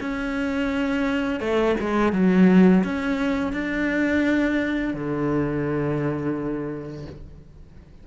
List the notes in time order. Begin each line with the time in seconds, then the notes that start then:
0.00 C#4
1.40 A3
1.80 G#3
2.13 F#3
2.84 C#4
3.53 D4
4.94 D3